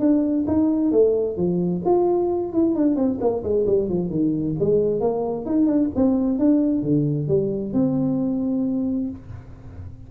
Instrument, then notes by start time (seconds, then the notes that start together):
tuba
0.00 D4
0.47 D#4
0.92 A3
1.37 F3
1.86 F4
2.53 E4
2.75 D4
2.96 C4
3.21 A#3
3.44 G#3
3.67 G3
3.89 F3
4.10 D#3
4.60 G#3
5.01 A#3
5.46 D#4
5.67 D4
5.96 C4
6.39 D4
6.83 D3
7.28 G3
7.73 C4